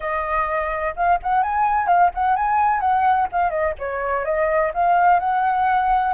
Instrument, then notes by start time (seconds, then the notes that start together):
flute
0.00 D#5
0.96 F5
1.22 F#5
1.43 G#5
1.87 F5
2.14 F#5
2.36 G#5
2.80 F#5
3.32 F5
3.49 D#5
3.78 C#5
4.25 D#5
4.74 F5
5.19 F#5